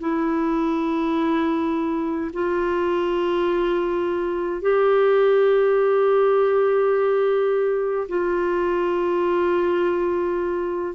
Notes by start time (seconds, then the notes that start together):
0.00 E4
2.33 F4
4.62 G4
8.08 F4